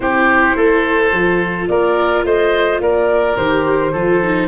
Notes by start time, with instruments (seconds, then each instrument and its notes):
0.00 tuba C4, viola E4, oboe G4, flute C5
0.55 tuba A3, oboe A4
1.10 tuba F3, viola F4
1.68 tuba A#3, oboe A#4, flute D5
2.23 tuba A3, oboe C5, flute D#5
2.80 tuba A#3, oboe A#4, flute D5
3.36 tuba D#3, viola G4, flute C5
3.92 tuba F3, viola F4, oboe A4
4.22 viola D#4